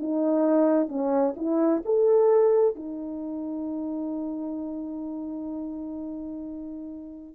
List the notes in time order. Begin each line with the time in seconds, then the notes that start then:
0.00 D#4
0.89 C#4
1.37 E4
1.85 A4
2.76 D#4